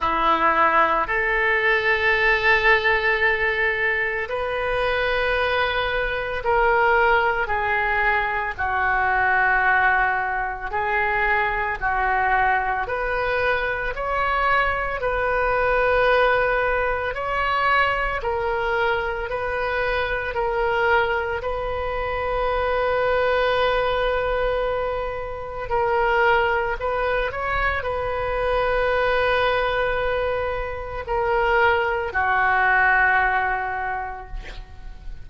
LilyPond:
\new Staff \with { instrumentName = "oboe" } { \time 4/4 \tempo 4 = 56 e'4 a'2. | b'2 ais'4 gis'4 | fis'2 gis'4 fis'4 | b'4 cis''4 b'2 |
cis''4 ais'4 b'4 ais'4 | b'1 | ais'4 b'8 cis''8 b'2~ | b'4 ais'4 fis'2 | }